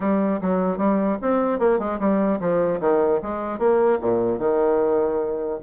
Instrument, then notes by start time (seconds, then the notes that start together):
bassoon
0.00 G3
0.41 F#3
0.77 G3
1.21 C4
1.59 A#3
1.79 G#3
1.99 G3
2.40 F3
2.80 D#3
3.22 G#3
3.58 A#3
4.01 A#2
4.38 D#3